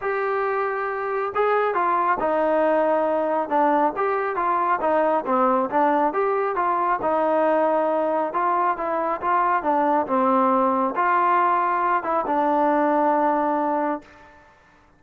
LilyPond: \new Staff \with { instrumentName = "trombone" } { \time 4/4 \tempo 4 = 137 g'2. gis'4 | f'4 dis'2. | d'4 g'4 f'4 dis'4 | c'4 d'4 g'4 f'4 |
dis'2. f'4 | e'4 f'4 d'4 c'4~ | c'4 f'2~ f'8 e'8 | d'1 | }